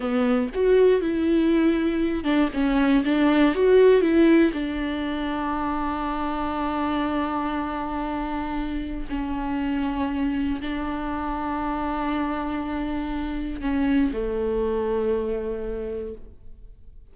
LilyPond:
\new Staff \with { instrumentName = "viola" } { \time 4/4 \tempo 4 = 119 b4 fis'4 e'2~ | e'8 d'8 cis'4 d'4 fis'4 | e'4 d'2.~ | d'1~ |
d'2 cis'2~ | cis'4 d'2.~ | d'2. cis'4 | a1 | }